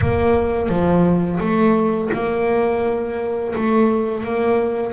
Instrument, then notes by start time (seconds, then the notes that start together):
double bass
0.01 A#3
0.68 F3
1.39 A3
2.13 A#3
3.55 A3
4.24 A#3